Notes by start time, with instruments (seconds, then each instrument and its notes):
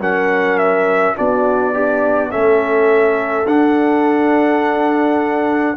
0.00 tuba F#3, trombone C#4, horn A#4, trumpet F#5
0.58 trumpet E5
1.16 tuba B3, trombone D4, horn F#4, trumpet D5
1.74 horn D4, trombone G4
2.31 tuba A3, trombone C#4, horn A4, trumpet E5
3.46 tuba D4, trombone D4, trumpet F#5